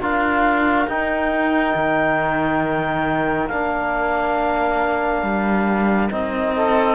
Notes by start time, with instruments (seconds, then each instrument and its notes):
0.00 cello D4, trombone F4, oboe A#4, clarinet F5
0.87 cello D#4, trombone D#4, clarinet G5
1.75 cello D#3
3.47 cello A#3, trombone D4, clarinet F5
5.22 cello G3
6.10 cello C4, trombone D#4, clarinet D#5
6.56 oboe A4